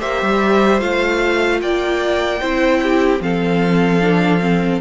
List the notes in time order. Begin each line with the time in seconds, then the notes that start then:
0.00 A#3 G4 C5 E5
0.22 G3
0.79 A3 F4 F5
1.62 A#3 D5 G5
2.41 C4 E4 C5
2.83 G4
3.20 F3 C4 A4 F5
4.02 D4
4.40 C4